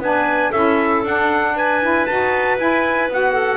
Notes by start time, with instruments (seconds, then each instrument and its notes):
0.00 double bass B3, saxophone D4, clarinet B4, trumpet G#5
0.50 double bass C#4, saxophone E4, clarinet A4, trumpet E5
1.03 double bass D4, saxophone D4, trumpet F#5
1.55 clarinet B4, trumpet G#5
1.82 saxophone E4
2.06 double bass D#4, saxophone F#4, trumpet A5
2.58 double bass E4, saxophone E4, trumpet G#5
3.09 double bass B3, saxophone F#4, trumpet F#5
3.33 clarinet A4